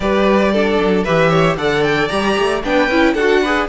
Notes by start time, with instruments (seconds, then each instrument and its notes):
0.00 cello G3, viola G4, violin B4 D5
0.52 viola D4, violin A4
0.79 cello F#3
1.04 cello E3, viola G4, violin B4 E5
1.29 violin C#5
1.56 cello D3, viola A4, violin D5 F#5
1.83 violin G5
2.07 cello G3, viola G4, violin A#5
2.38 cello A3
2.63 cello B3, viola D4, violin B4 G5
2.88 cello C#4, viola E4
3.13 cello D4, viola F#4, violin A4 F#5
3.41 viola G#4, violin B4